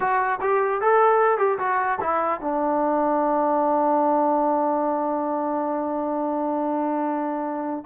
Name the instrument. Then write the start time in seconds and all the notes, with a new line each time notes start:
trombone
0.00 F#4
0.41 G4
0.81 A4
1.38 G4
1.58 F#4
2.01 E4
2.41 D4